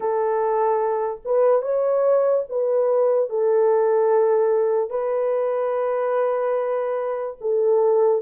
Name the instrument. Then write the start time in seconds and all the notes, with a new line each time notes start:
horn
0.00 A4
1.24 B4
1.61 C#5
2.49 B4
3.29 A4
4.90 B4
7.40 A4